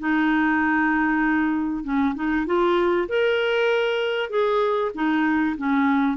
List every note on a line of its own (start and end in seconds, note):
0.00 1.84 D#4
1.84 2.15 C#4
2.16 2.47 D#4
2.47 3.09 F4
3.09 4.30 A#4
4.30 4.92 G#4
4.95 5.57 D#4
5.58 6.18 C#4